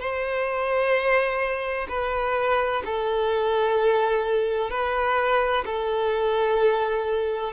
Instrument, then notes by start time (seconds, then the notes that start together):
violin
0.00 C5
1.89 B4
2.86 A4
4.71 B4
5.65 A4